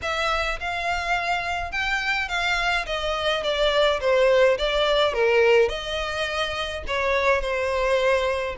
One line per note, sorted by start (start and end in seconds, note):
0.02 0.59 E5
0.59 1.71 F5
1.71 2.28 G5
2.28 2.85 F5
2.86 3.43 D#5
3.43 4.00 D5
4.00 4.57 C5
4.58 5.13 D5
5.13 5.68 A#4
5.68 6.83 D#5
6.87 7.41 C#5
7.41 8.55 C5